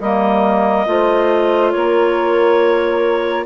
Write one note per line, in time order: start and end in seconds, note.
0.00 0.87 G3
0.00 0.86 A#3
0.00 0.87 A#4
0.00 1.71 D#5
0.86 1.74 A3
0.86 3.47 F4
0.86 1.73 C5
1.71 3.47 A#3
1.71 3.47 A#4
1.71 3.45 C#5